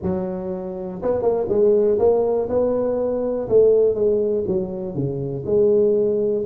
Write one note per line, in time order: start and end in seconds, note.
0.02 1.01 F#3
1.02 1.21 B3
1.21 1.46 A#3
1.48 1.98 G#3
1.98 2.48 A#3
2.49 3.48 B3
3.48 3.94 A3
3.94 4.44 G#3
4.47 4.94 F#3
4.94 5.44 C#3
5.45 6.44 G#3